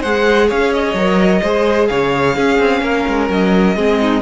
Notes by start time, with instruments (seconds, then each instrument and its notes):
0.00 cello G#3, viola G#4, violin C5 F#5
0.47 cello C#4, violin C#5 F5
0.73 violin D#5
0.94 cello F#3, viola A#4
1.42 cello G#3, viola G#4, violin C5
1.87 cello C#3, violin C#5 F5
2.36 viola C#4, cello C#4, violin G#4
2.59 cello C4
2.81 cello A#3, violin A#4
3.08 cello G#3
3.29 cello F#3, violin D#5
3.76 cello G#3, viola C4, violin G#4
4.01 violin D#4